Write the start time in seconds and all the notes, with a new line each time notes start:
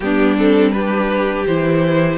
0.00 G3 B3 D4 G4
0.37 C4 A4
0.71 D4 G4 B4
1.46 E3 E4 C5